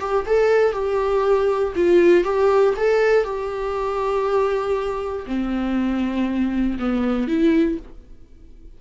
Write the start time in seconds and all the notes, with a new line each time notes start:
0.00 G4
0.26 A4
0.72 G4
1.76 F4
2.24 G4
2.77 A4
3.24 G4
5.26 C4
6.79 B3
7.28 E4